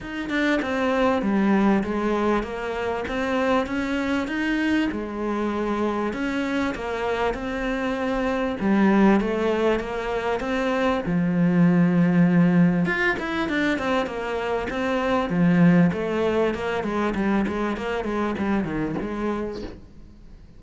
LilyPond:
\new Staff \with { instrumentName = "cello" } { \time 4/4 \tempo 4 = 98 dis'8 d'8 c'4 g4 gis4 | ais4 c'4 cis'4 dis'4 | gis2 cis'4 ais4 | c'2 g4 a4 |
ais4 c'4 f2~ | f4 f'8 e'8 d'8 c'8 ais4 | c'4 f4 a4 ais8 gis8 | g8 gis8 ais8 gis8 g8 dis8 gis4 | }